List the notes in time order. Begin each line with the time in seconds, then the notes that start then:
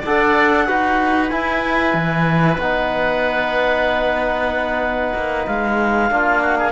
0.00 D4 A4 D5 F#5
0.67 D#4 F#4 B4
1.29 E4 G#5
1.94 E3
2.58 B3 D#4 F#5
5.15 A#3
5.46 G#3 F5
6.10 A#3 D4 F4
6.41 F#4
6.59 G#4